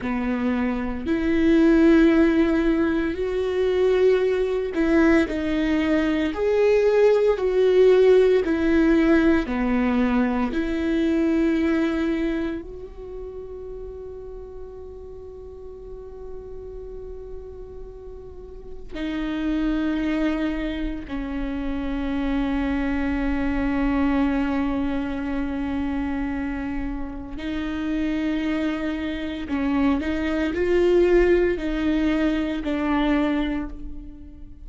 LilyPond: \new Staff \with { instrumentName = "viola" } { \time 4/4 \tempo 4 = 57 b4 e'2 fis'4~ | fis'8 e'8 dis'4 gis'4 fis'4 | e'4 b4 e'2 | fis'1~ |
fis'2 dis'2 | cis'1~ | cis'2 dis'2 | cis'8 dis'8 f'4 dis'4 d'4 | }